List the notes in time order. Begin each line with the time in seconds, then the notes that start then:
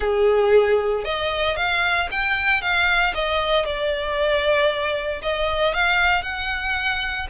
0.00 G#4
1.04 D#5
1.56 F5
2.11 G5
2.61 F5
3.14 D#5
3.65 D5
5.22 D#5
5.74 F5
6.22 F#5